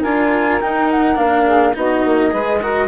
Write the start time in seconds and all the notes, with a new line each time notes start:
0.00 D4 F4 A#4 G#5
0.60 D#4 G5
0.90 F#5
1.15 A#3 D4 F5
1.45 G#4
1.74 B3 D#4 F#4 D#5
2.04 A#3
2.30 G#3 G#4 B4
2.60 F#4 A#4